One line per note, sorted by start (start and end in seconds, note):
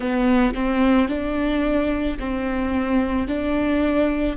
0.00 0.53 B3
0.54 1.08 C4
1.08 2.17 D4
2.19 3.27 C4
3.27 4.36 D4